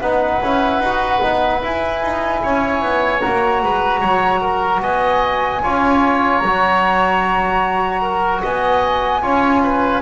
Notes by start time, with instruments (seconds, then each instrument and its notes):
0.00 double bass B3, trombone D#4, oboe B4, flute F#5
0.41 double bass C#4, trombone E4
0.79 double bass D#4, trombone F#4
1.22 double bass B3, trombone D#4
1.62 trombone E4, double bass E4, flute G#5
2.02 double bass D#4
2.42 double bass C#4, oboe C#5
2.81 double bass B3
3.20 double bass A#3, trombone F#4, flute A#5
3.63 double bass G#3, oboe B4
4.00 double bass F#3, oboe C#5
4.41 oboe A#4
4.80 double bass B3, oboe D#5, flute G#5
5.62 double bass C#4, trombone F4, oboe C#5
6.37 double bass F#3, flute A#5
6.45 trombone F#4
8.01 oboe A#4
8.42 double bass B3, oboe D#5, flute G#5
9.21 double bass C#4, trombone F4, oboe C#5
9.63 oboe B4